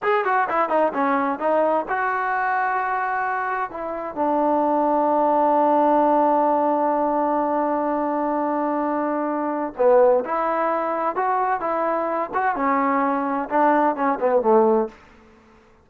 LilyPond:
\new Staff \with { instrumentName = "trombone" } { \time 4/4 \tempo 4 = 129 gis'8 fis'8 e'8 dis'8 cis'4 dis'4 | fis'1 | e'4 d'2.~ | d'1~ |
d'1~ | d'4 b4 e'2 | fis'4 e'4. fis'8 cis'4~ | cis'4 d'4 cis'8 b8 a4 | }